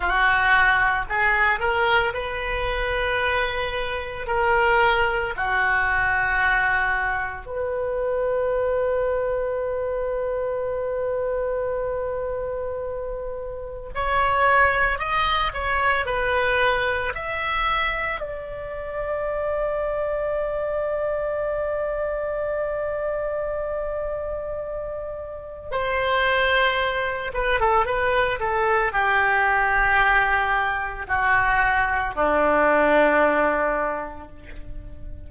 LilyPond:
\new Staff \with { instrumentName = "oboe" } { \time 4/4 \tempo 4 = 56 fis'4 gis'8 ais'8 b'2 | ais'4 fis'2 b'4~ | b'1~ | b'4 cis''4 dis''8 cis''8 b'4 |
e''4 d''2.~ | d''1 | c''4. b'16 a'16 b'8 a'8 g'4~ | g'4 fis'4 d'2 | }